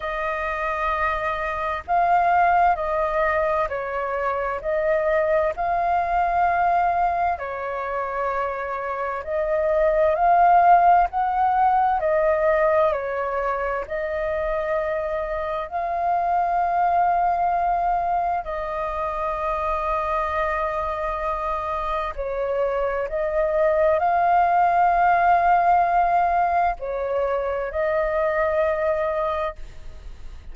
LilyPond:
\new Staff \with { instrumentName = "flute" } { \time 4/4 \tempo 4 = 65 dis''2 f''4 dis''4 | cis''4 dis''4 f''2 | cis''2 dis''4 f''4 | fis''4 dis''4 cis''4 dis''4~ |
dis''4 f''2. | dis''1 | cis''4 dis''4 f''2~ | f''4 cis''4 dis''2 | }